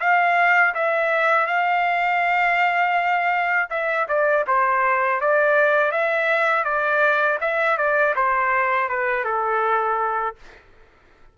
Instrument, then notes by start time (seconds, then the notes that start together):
trumpet
0.00 F5
0.75 E5
1.47 F5
3.70 E5
4.08 D5
4.47 C5
5.21 D5
5.92 E5
6.65 D5
7.41 E5
7.78 D5
8.16 C5
8.89 B4
9.25 A4